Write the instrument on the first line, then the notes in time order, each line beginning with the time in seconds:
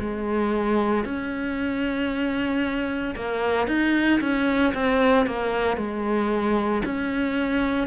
cello
0.00 G#3
1.05 C#4
3.16 A#3
3.68 D#4
4.21 C#4
4.74 C4
5.27 A#3
5.78 G#3
6.85 C#4